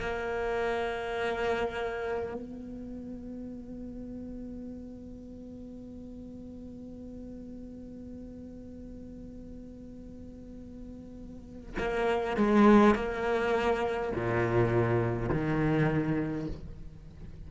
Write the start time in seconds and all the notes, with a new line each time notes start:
0.00 A#3
2.34 B3
11.78 A#3
12.36 G#3
12.95 A#3
14.14 A#2
15.29 D#3